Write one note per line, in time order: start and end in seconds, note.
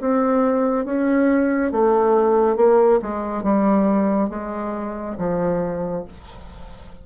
0.00 0.85 C4
0.85 1.72 C#4
1.72 2.56 A3
2.56 3.00 A#3
3.02 3.43 G#3
3.43 4.29 G3
4.29 5.16 G#3
5.18 6.05 F3